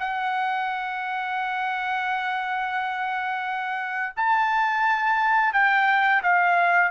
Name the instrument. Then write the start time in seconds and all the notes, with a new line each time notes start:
trumpet
0.00 F#5
4.17 A5
5.54 G5
6.23 F5